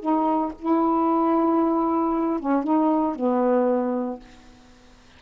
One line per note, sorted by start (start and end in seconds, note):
0.00 0.52 D#4
0.59 2.40 E4
2.40 2.64 C#4
2.64 3.16 D#4
3.16 4.20 B3